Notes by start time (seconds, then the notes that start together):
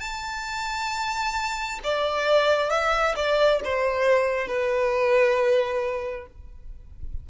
0.00 A5
1.84 D5
2.70 E5
3.15 D5
3.64 C5
4.47 B4